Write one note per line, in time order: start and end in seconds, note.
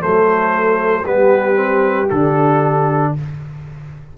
0.00 1.04 F#3
0.00 1.03 A3
0.00 1.05 A4
0.00 1.05 C5
1.04 2.07 G3
1.04 1.55 B3
1.04 3.12 G4
1.04 2.09 B4
1.55 2.07 C4
2.09 3.14 D3
2.09 3.17 D4
2.09 3.13 A4